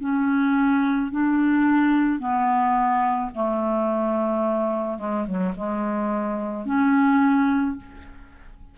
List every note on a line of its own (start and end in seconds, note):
0.00 1.11 C#4
1.11 2.19 D4
2.19 3.30 B3
3.34 4.98 A3
4.98 5.26 G#3
5.26 5.54 F#3
5.56 6.65 G#3
6.65 7.76 C#4